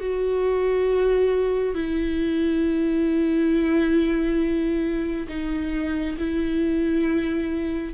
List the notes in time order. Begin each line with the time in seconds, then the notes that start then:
0.00 F#4
1.74 E4
5.28 D#4
6.18 E4